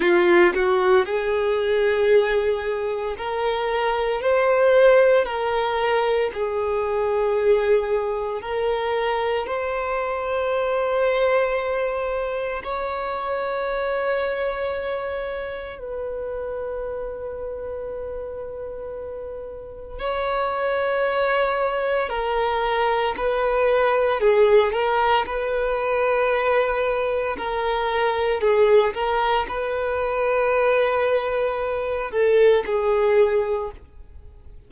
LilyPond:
\new Staff \with { instrumentName = "violin" } { \time 4/4 \tempo 4 = 57 f'8 fis'8 gis'2 ais'4 | c''4 ais'4 gis'2 | ais'4 c''2. | cis''2. b'4~ |
b'2. cis''4~ | cis''4 ais'4 b'4 gis'8 ais'8 | b'2 ais'4 gis'8 ais'8 | b'2~ b'8 a'8 gis'4 | }